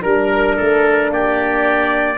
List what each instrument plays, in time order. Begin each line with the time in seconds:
0.00 tuba G3, horn D4, oboe A#4, trumpet A#4
0.56 tuba A3, oboe A4
1.11 tuba A#3, oboe G4, trumpet D5